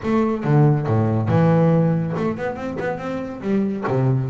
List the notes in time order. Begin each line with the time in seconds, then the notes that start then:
0.03 A3
0.43 D3
0.86 A2
1.28 E3
2.16 A3
2.37 B3
2.55 C4
2.79 B3
2.98 C4
3.41 G3
3.87 C3